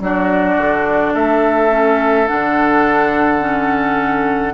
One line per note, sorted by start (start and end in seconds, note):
0.00 0.57 F#3
0.00 1.70 D4
0.00 1.14 F#4
0.00 1.15 D5
0.57 1.13 D3
1.14 2.28 A3
1.14 4.53 A4
1.14 2.27 E5
1.70 2.27 C#4
2.27 4.54 D3
2.27 3.40 D4
2.27 4.54 F#5
3.40 4.53 C#4